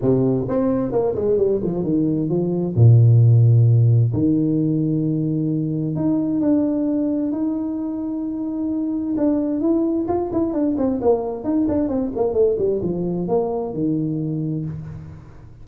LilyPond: \new Staff \with { instrumentName = "tuba" } { \time 4/4 \tempo 4 = 131 c4 c'4 ais8 gis8 g8 f8 | dis4 f4 ais,2~ | ais,4 dis2.~ | dis4 dis'4 d'2 |
dis'1 | d'4 e'4 f'8 e'8 d'8 c'8 | ais4 dis'8 d'8 c'8 ais8 a8 g8 | f4 ais4 dis2 | }